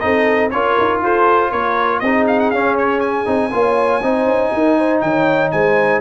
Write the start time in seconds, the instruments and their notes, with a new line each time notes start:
0.00 tuba C4, trombone D#4, horn A4, trumpet D#5
0.51 tuba C#4, trombone F4, horn A#4, trumpet C#5
0.80 tuba D#4
1.03 tuba F4, horn A4, trumpet C5
1.50 tuba A#3, horn A#4, trumpet C#5
2.00 tuba C4, trombone D#4, horn G#4, trumpet D#5
2.28 trumpet F5
2.40 trumpet F#5
2.51 tuba C#4, trombone C#4, trumpet F5
2.78 trumpet C#5
3.01 trumpet G#5
3.26 tuba C4, trombone D#4
3.51 tuba A#3, trombone F4, horn C#5
4.03 tuba C4, trombone D#4, horn C5
4.26 tuba C#4
4.54 tuba D#4, horn A#4
4.79 horn C5
5.01 tuba D#3, horn C#5, trumpet G5
5.52 tuba G#3, horn C5, trumpet G#5